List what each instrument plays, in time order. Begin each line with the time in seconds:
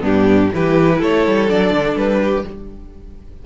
0.00 cello G2, viola B3, violin D4 G4
0.53 cello E3, viola E4, violin G4 B4
0.98 cello A3, violin A4 C#5
1.26 cello G3
1.48 cello F#3, viola D4, violin D5
1.70 cello D3
1.95 cello G3, violin B4
2.21 violin G4